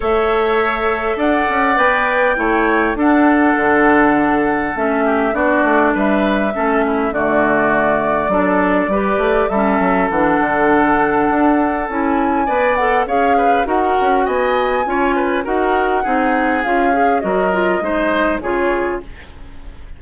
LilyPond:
<<
  \new Staff \with { instrumentName = "flute" } { \time 4/4 \tempo 4 = 101 e''2 fis''4 g''4~ | g''4 fis''2. | e''4 d''4 e''2 | d''1 |
e''4 fis''2. | gis''4. fis''8 f''4 fis''4 | gis''2 fis''2 | f''4 dis''2 cis''4 | }
  \new Staff \with { instrumentName = "oboe" } { \time 4/4 cis''2 d''2 | cis''4 a'2.~ | a'8 g'8 fis'4 b'4 a'8 e'8 | fis'2 a'4 b'4 |
a'1~ | a'4 d''4 cis''8 b'8 ais'4 | dis''4 cis''8 b'8 ais'4 gis'4~ | gis'4 ais'4 c''4 gis'4 | }
  \new Staff \with { instrumentName = "clarinet" } { \time 4/4 a'2. b'4 | e'4 d'2. | cis'4 d'2 cis'4 | a2 d'4 g'4 |
cis'4 d'2. | e'4 b'8 a'8 gis'4 fis'4~ | fis'4 f'4 fis'4 dis'4 | f'8 gis'8 fis'8 f'8 dis'4 f'4 | }
  \new Staff \with { instrumentName = "bassoon" } { \time 4/4 a2 d'8 cis'8 b4 | a4 d'4 d2 | a4 b8 a8 g4 a4 | d2 fis4 g8 a8 |
g8 fis8 e8 d4. d'4 | cis'4 b4 cis'4 dis'8 cis'8 | b4 cis'4 dis'4 c'4 | cis'4 fis4 gis4 cis4 | }
>>